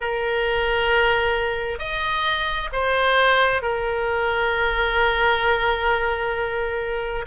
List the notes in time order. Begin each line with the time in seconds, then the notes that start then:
0.00 A#4
1.79 D#5
2.72 C5
3.62 A#4